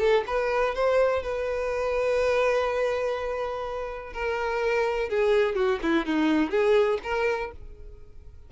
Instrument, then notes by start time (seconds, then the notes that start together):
violin
0.00 A4
0.27 B4
0.75 C5
1.23 B4
4.13 A#4
5.10 G#4
5.55 F#4
5.83 E4
6.06 D#4
6.51 G#4
7.04 A#4